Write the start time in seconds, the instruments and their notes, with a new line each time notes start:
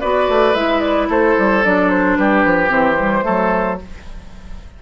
0.00 bassoon B3, clarinet F#4, oboe B4, flute D5
0.28 bassoon A3
0.54 bassoon G#3, clarinet E4, flute E5
0.80 flute D5
1.09 bassoon A3, oboe A4, flute C5
1.38 bassoon G3
1.64 bassoon F#3, clarinet D4, flute D5
1.90 flute C5
2.17 bassoon G3, oboe G4, flute B4
2.45 bassoon F3
2.68 bassoon E3, clarinet C4, flute C5
2.97 clarinet G3
3.22 bassoon F#3, clarinet A3, oboe A4